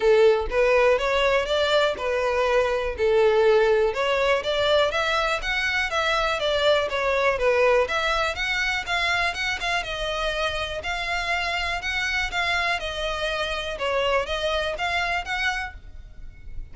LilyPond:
\new Staff \with { instrumentName = "violin" } { \time 4/4 \tempo 4 = 122 a'4 b'4 cis''4 d''4 | b'2 a'2 | cis''4 d''4 e''4 fis''4 | e''4 d''4 cis''4 b'4 |
e''4 fis''4 f''4 fis''8 f''8 | dis''2 f''2 | fis''4 f''4 dis''2 | cis''4 dis''4 f''4 fis''4 | }